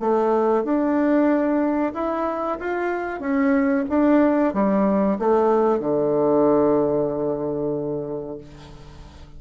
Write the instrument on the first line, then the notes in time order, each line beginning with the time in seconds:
bassoon
0.00 A3
0.64 D4
1.94 E4
2.60 F4
3.20 C#4
3.89 D4
4.54 G3
5.19 A3
5.80 D3